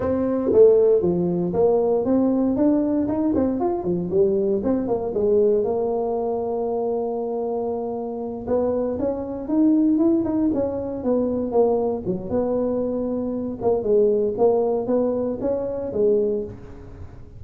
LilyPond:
\new Staff \with { instrumentName = "tuba" } { \time 4/4 \tempo 4 = 117 c'4 a4 f4 ais4 | c'4 d'4 dis'8 c'8 f'8 f8 | g4 c'8 ais8 gis4 ais4~ | ais1~ |
ais8 b4 cis'4 dis'4 e'8 | dis'8 cis'4 b4 ais4 fis8 | b2~ b8 ais8 gis4 | ais4 b4 cis'4 gis4 | }